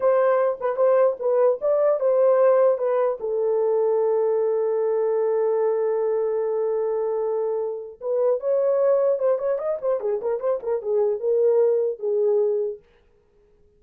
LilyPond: \new Staff \with { instrumentName = "horn" } { \time 4/4 \tempo 4 = 150 c''4. b'8 c''4 b'4 | d''4 c''2 b'4 | a'1~ | a'1~ |
a'1 | b'4 cis''2 c''8 cis''8 | dis''8 c''8 gis'8 ais'8 c''8 ais'8 gis'4 | ais'2 gis'2 | }